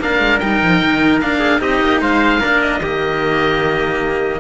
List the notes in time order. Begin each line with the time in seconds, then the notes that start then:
0.00 A#3 D4 A#4 F5
0.19 G#3
0.40 G3 D#4 G5
0.62 F3
0.83 D#3
1.21 A#3 D4 F5
1.39 G#4
1.59 C4 D#4 G4 D#5
1.81 A#3
2.01 G#3 C5 F5
2.40 A#3 D4 A#4
2.62 D#5
2.80 D#3 A#3 G4